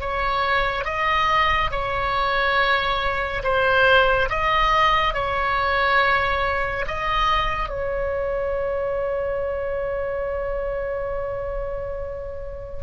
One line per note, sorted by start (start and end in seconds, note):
0.00 0.85 C#5
0.85 1.71 D#5
1.71 3.42 C#5
3.43 4.29 C5
4.29 5.14 D#5
5.14 6.85 C#5
6.87 7.69 D#5
7.69 12.83 C#5